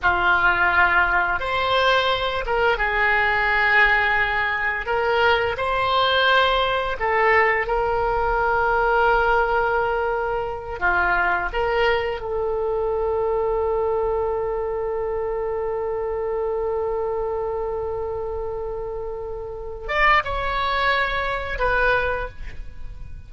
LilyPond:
\new Staff \with { instrumentName = "oboe" } { \time 4/4 \tempo 4 = 86 f'2 c''4. ais'8 | gis'2. ais'4 | c''2 a'4 ais'4~ | ais'2.~ ais'8 f'8~ |
f'8 ais'4 a'2~ a'8~ | a'1~ | a'1~ | a'8 d''8 cis''2 b'4 | }